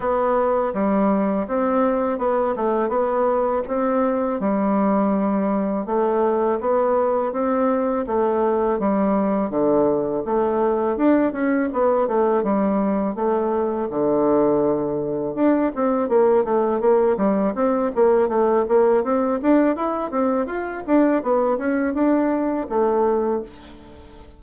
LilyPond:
\new Staff \with { instrumentName = "bassoon" } { \time 4/4 \tempo 4 = 82 b4 g4 c'4 b8 a8 | b4 c'4 g2 | a4 b4 c'4 a4 | g4 d4 a4 d'8 cis'8 |
b8 a8 g4 a4 d4~ | d4 d'8 c'8 ais8 a8 ais8 g8 | c'8 ais8 a8 ais8 c'8 d'8 e'8 c'8 | f'8 d'8 b8 cis'8 d'4 a4 | }